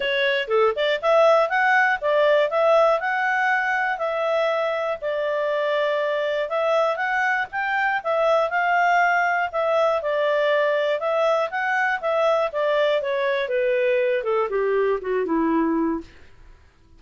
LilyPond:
\new Staff \with { instrumentName = "clarinet" } { \time 4/4 \tempo 4 = 120 cis''4 a'8 d''8 e''4 fis''4 | d''4 e''4 fis''2 | e''2 d''2~ | d''4 e''4 fis''4 g''4 |
e''4 f''2 e''4 | d''2 e''4 fis''4 | e''4 d''4 cis''4 b'4~ | b'8 a'8 g'4 fis'8 e'4. | }